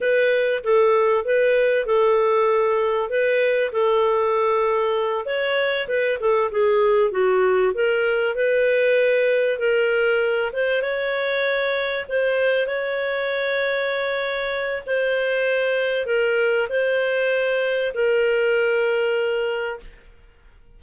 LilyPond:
\new Staff \with { instrumentName = "clarinet" } { \time 4/4 \tempo 4 = 97 b'4 a'4 b'4 a'4~ | a'4 b'4 a'2~ | a'8 cis''4 b'8 a'8 gis'4 fis'8~ | fis'8 ais'4 b'2 ais'8~ |
ais'4 c''8 cis''2 c''8~ | c''8 cis''2.~ cis''8 | c''2 ais'4 c''4~ | c''4 ais'2. | }